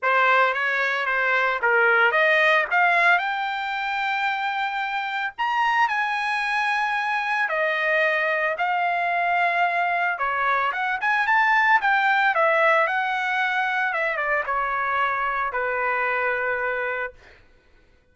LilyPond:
\new Staff \with { instrumentName = "trumpet" } { \time 4/4 \tempo 4 = 112 c''4 cis''4 c''4 ais'4 | dis''4 f''4 g''2~ | g''2 ais''4 gis''4~ | gis''2 dis''2 |
f''2. cis''4 | fis''8 gis''8 a''4 g''4 e''4 | fis''2 e''8 d''8 cis''4~ | cis''4 b'2. | }